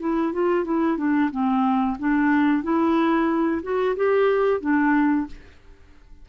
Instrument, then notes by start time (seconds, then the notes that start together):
clarinet
0.00 E4
0.33 F4
0.65 E4
0.97 D4
1.31 C4
1.99 D4
2.63 E4
3.63 F#4
3.97 G4
4.61 D4